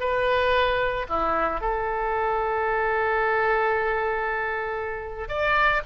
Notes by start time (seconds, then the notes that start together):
0.00 B4
1.09 E4
1.61 A4
5.28 D5